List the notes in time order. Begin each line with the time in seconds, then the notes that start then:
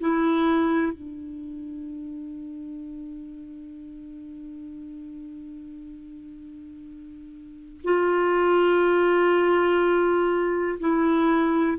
0.00 E4
0.92 D4
7.84 F4
10.79 E4